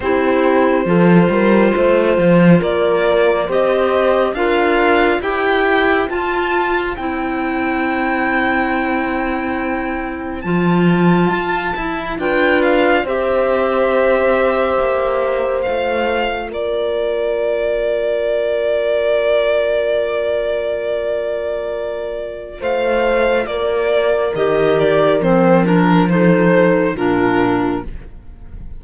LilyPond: <<
  \new Staff \with { instrumentName = "violin" } { \time 4/4 \tempo 4 = 69 c''2. d''4 | dis''4 f''4 g''4 a''4 | g''1 | a''2 g''8 f''8 e''4~ |
e''2 f''4 d''4~ | d''1~ | d''2 f''4 d''4 | dis''8 d''8 c''8 ais'8 c''4 ais'4 | }
  \new Staff \with { instrumentName = "horn" } { \time 4/4 g'4 a'8 ais'8 c''4 ais'4 | c''4 ais'4 c''2~ | c''1~ | c''2 b'4 c''4~ |
c''2. ais'4~ | ais'1~ | ais'2 c''4 ais'4~ | ais'2 a'4 f'4 | }
  \new Staff \with { instrumentName = "clarinet" } { \time 4/4 e'4 f'2. | g'4 f'4 g'4 f'4 | e'1 | f'4. e'8 f'4 g'4~ |
g'2 f'2~ | f'1~ | f'1 | g'4 c'8 d'8 dis'4 d'4 | }
  \new Staff \with { instrumentName = "cello" } { \time 4/4 c'4 f8 g8 a8 f8 ais4 | c'4 d'4 e'4 f'4 | c'1 | f4 f'8 e'8 d'4 c'4~ |
c'4 ais4 a4 ais4~ | ais1~ | ais2 a4 ais4 | dis4 f2 ais,4 | }
>>